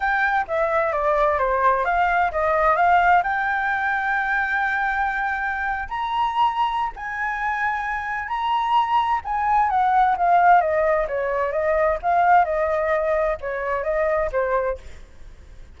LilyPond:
\new Staff \with { instrumentName = "flute" } { \time 4/4 \tempo 4 = 130 g''4 e''4 d''4 c''4 | f''4 dis''4 f''4 g''4~ | g''1~ | g''8. ais''2~ ais''16 gis''4~ |
gis''2 ais''2 | gis''4 fis''4 f''4 dis''4 | cis''4 dis''4 f''4 dis''4~ | dis''4 cis''4 dis''4 c''4 | }